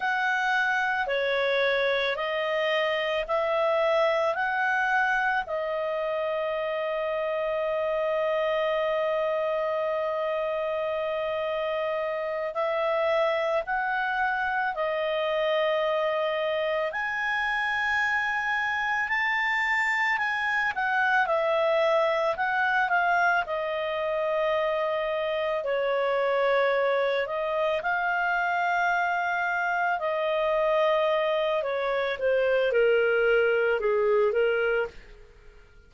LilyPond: \new Staff \with { instrumentName = "clarinet" } { \time 4/4 \tempo 4 = 55 fis''4 cis''4 dis''4 e''4 | fis''4 dis''2.~ | dis''2.~ dis''8 e''8~ | e''8 fis''4 dis''2 gis''8~ |
gis''4. a''4 gis''8 fis''8 e''8~ | e''8 fis''8 f''8 dis''2 cis''8~ | cis''4 dis''8 f''2 dis''8~ | dis''4 cis''8 c''8 ais'4 gis'8 ais'8 | }